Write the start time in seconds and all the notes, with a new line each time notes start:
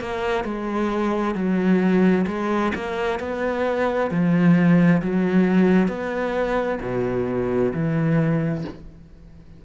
0.00 A#3
0.45 G#3
1.35 F#3
2.27 G#3
2.75 A#3
3.20 B3
4.11 F3
5.02 F#3
5.88 B3
6.82 B2
7.74 E3